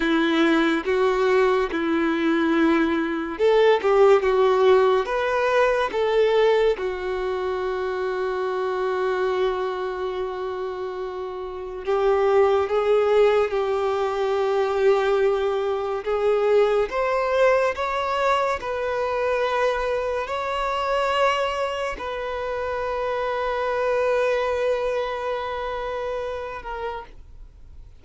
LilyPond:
\new Staff \with { instrumentName = "violin" } { \time 4/4 \tempo 4 = 71 e'4 fis'4 e'2 | a'8 g'8 fis'4 b'4 a'4 | fis'1~ | fis'2 g'4 gis'4 |
g'2. gis'4 | c''4 cis''4 b'2 | cis''2 b'2~ | b'2.~ b'8 ais'8 | }